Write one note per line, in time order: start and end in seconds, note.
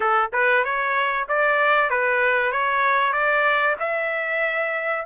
0.00 0.30 A4
0.32 0.64 B4
0.64 1.27 C#5
1.28 1.89 D5
1.89 2.52 B4
2.52 3.13 C#5
3.13 3.76 D5
3.79 5.05 E5